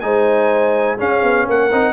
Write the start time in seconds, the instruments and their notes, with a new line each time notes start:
0.00 tuba G#3, trombone D#4, horn C5, trumpet G#5
0.98 trombone C#4, tuba C#4, horn G#4, trumpet F5
1.23 tuba B3
1.47 tuba A#3, horn A#4, trumpet F#5
1.71 tuba C4, trombone D#4